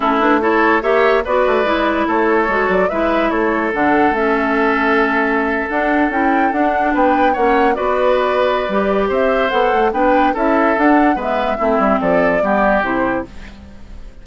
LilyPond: <<
  \new Staff \with { instrumentName = "flute" } { \time 4/4 \tempo 4 = 145 a'8 b'8 cis''4 e''4 d''4~ | d''4 cis''4. d''8 e''4 | cis''4 fis''4 e''2~ | e''4.~ e''16 fis''4 g''4 fis''16~ |
fis''8. g''4 fis''4 d''4~ d''16~ | d''2 e''4 fis''4 | g''4 e''4 fis''4 e''4~ | e''4 d''2 c''4 | }
  \new Staff \with { instrumentName = "oboe" } { \time 4/4 e'4 a'4 cis''4 b'4~ | b'4 a'2 b'4 | a'1~ | a'1~ |
a'8. b'4 cis''4 b'4~ b'16~ | b'2 c''2 | b'4 a'2 b'4 | e'4 a'4 g'2 | }
  \new Staff \with { instrumentName = "clarinet" } { \time 4/4 cis'8 d'8 e'4 g'4 fis'4 | e'2 fis'4 e'4~ | e'4 d'4 cis'2~ | cis'4.~ cis'16 d'4 e'4 d'16~ |
d'4.~ d'16 cis'4 fis'4~ fis'16~ | fis'4 g'2 a'4 | d'4 e'4 d'4 b4 | c'2 b4 e'4 | }
  \new Staff \with { instrumentName = "bassoon" } { \time 4/4 a2 ais4 b8 a8 | gis4 a4 gis8 fis8 gis4 | a4 d4 a2~ | a4.~ a16 d'4 cis'4 d'16~ |
d'8. b4 ais4 b4~ b16~ | b4 g4 c'4 b8 a8 | b4 cis'4 d'4 gis4 | a8 g8 f4 g4 c4 | }
>>